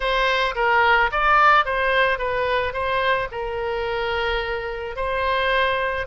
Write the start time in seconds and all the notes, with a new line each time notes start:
0.00 C5
0.55 A#4
1.11 D5
1.65 C5
2.18 B4
2.73 C5
3.31 A#4
4.96 C5